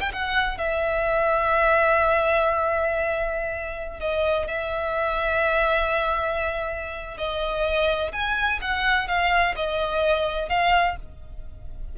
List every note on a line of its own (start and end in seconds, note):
0.00 0.12 G5
0.13 0.58 F#5
0.58 4.00 E5
4.00 4.47 D#5
4.48 7.17 E5
7.17 8.12 D#5
8.12 8.60 G#5
8.61 9.08 F#5
9.08 9.55 F5
9.56 10.49 D#5
10.49 10.96 F5